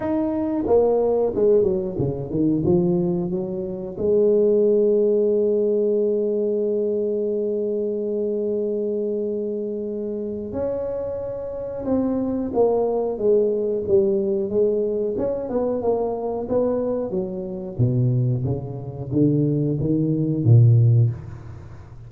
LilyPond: \new Staff \with { instrumentName = "tuba" } { \time 4/4 \tempo 4 = 91 dis'4 ais4 gis8 fis8 cis8 dis8 | f4 fis4 gis2~ | gis1~ | gis1 |
cis'2 c'4 ais4 | gis4 g4 gis4 cis'8 b8 | ais4 b4 fis4 b,4 | cis4 d4 dis4 ais,4 | }